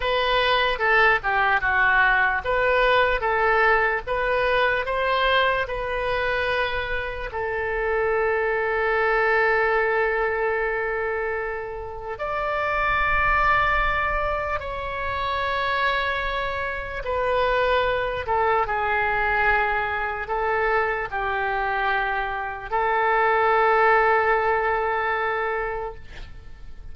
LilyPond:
\new Staff \with { instrumentName = "oboe" } { \time 4/4 \tempo 4 = 74 b'4 a'8 g'8 fis'4 b'4 | a'4 b'4 c''4 b'4~ | b'4 a'2.~ | a'2. d''4~ |
d''2 cis''2~ | cis''4 b'4. a'8 gis'4~ | gis'4 a'4 g'2 | a'1 | }